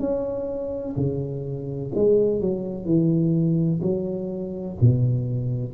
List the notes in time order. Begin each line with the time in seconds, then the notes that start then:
0.00 C#4
0.97 C#3
1.95 G#3
2.41 F#3
2.85 E3
3.82 F#3
4.81 B2